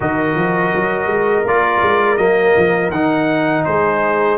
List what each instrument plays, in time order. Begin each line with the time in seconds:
0.00 tuba D#3, trombone F#4, horn A#4, trumpet D#5
0.35 tuba F3
0.74 tuba F#3
1.06 tuba G#3
1.44 tuba A#3, trombone F4, trumpet D5
1.82 tuba G#3
2.17 tuba F#3, trombone A#3, trumpet D#5
2.56 tuba F3
2.90 tuba D#3, trombone D#4, trumpet F#5
3.64 tuba G#3, horn G#4, trumpet C5